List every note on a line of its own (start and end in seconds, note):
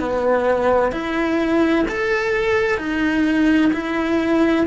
0.00 0.92 B3
0.92 1.86 E4
1.88 2.78 A4
2.78 3.72 D#4
3.73 4.67 E4